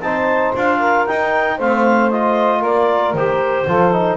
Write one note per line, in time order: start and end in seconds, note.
0.00 0.52 C4
0.00 0.55 D#4
0.00 0.78 C5
0.00 0.53 A5
0.55 1.08 D4
0.55 1.07 F4
0.55 1.06 F5
0.78 1.56 A#4
1.06 1.60 D#4
1.06 1.59 D#4
1.06 1.58 G5
1.57 2.62 A3
1.57 2.11 C4
1.57 2.59 C5
1.57 2.10 F5
2.10 3.15 F4
2.10 2.63 D#5
2.59 3.13 A#3
2.59 3.63 A#4
2.59 3.14 D5
3.13 3.65 D#3
3.13 3.68 G4
3.13 4.17 C5
3.67 4.17 F3
3.67 3.92 F4
3.67 4.17 A4
3.92 4.17 D#4